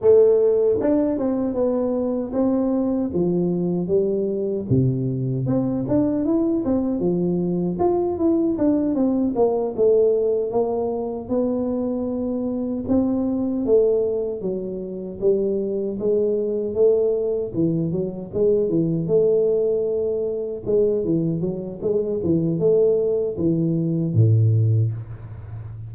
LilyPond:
\new Staff \with { instrumentName = "tuba" } { \time 4/4 \tempo 4 = 77 a4 d'8 c'8 b4 c'4 | f4 g4 c4 c'8 d'8 | e'8 c'8 f4 f'8 e'8 d'8 c'8 | ais8 a4 ais4 b4.~ |
b8 c'4 a4 fis4 g8~ | g8 gis4 a4 e8 fis8 gis8 | e8 a2 gis8 e8 fis8 | gis8 e8 a4 e4 a,4 | }